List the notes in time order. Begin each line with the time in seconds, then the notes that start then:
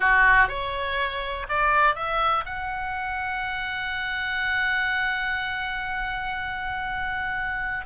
0.00 F#4
0.48 C#5
1.48 D5
1.95 E5
2.45 F#5